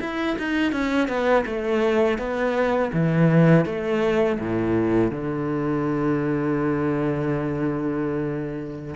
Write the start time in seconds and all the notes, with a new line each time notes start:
0.00 E4
0.38 D#4
0.72 C#4
1.08 B3
1.46 A3
2.18 B3
2.93 E3
3.65 A3
4.39 A2
5.11 D3